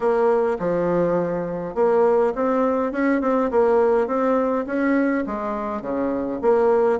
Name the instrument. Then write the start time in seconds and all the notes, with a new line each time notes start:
bassoon
0.00 A#3
0.59 F3
1.74 A#3
2.35 C4
2.92 C#4
3.21 C4
3.51 A#3
4.07 C4
4.66 C#4
5.26 G#3
5.81 C#3
6.41 A#3